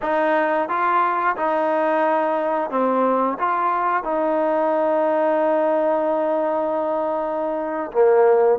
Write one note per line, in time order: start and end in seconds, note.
0.02 0.68 D#4
0.68 1.36 F4
1.36 2.70 D#4
2.70 3.37 C4
3.39 4.03 F4
4.03 7.91 D#4
7.92 8.59 A#3